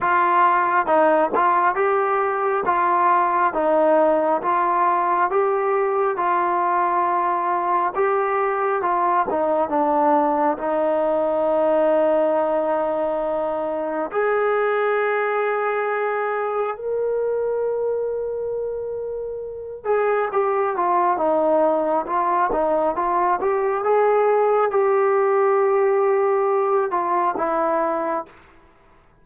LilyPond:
\new Staff \with { instrumentName = "trombone" } { \time 4/4 \tempo 4 = 68 f'4 dis'8 f'8 g'4 f'4 | dis'4 f'4 g'4 f'4~ | f'4 g'4 f'8 dis'8 d'4 | dis'1 |
gis'2. ais'4~ | ais'2~ ais'8 gis'8 g'8 f'8 | dis'4 f'8 dis'8 f'8 g'8 gis'4 | g'2~ g'8 f'8 e'4 | }